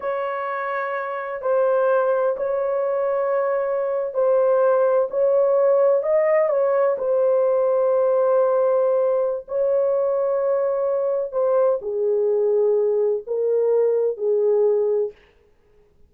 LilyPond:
\new Staff \with { instrumentName = "horn" } { \time 4/4 \tempo 4 = 127 cis''2. c''4~ | c''4 cis''2.~ | cis''8. c''2 cis''4~ cis''16~ | cis''8. dis''4 cis''4 c''4~ c''16~ |
c''1 | cis''1 | c''4 gis'2. | ais'2 gis'2 | }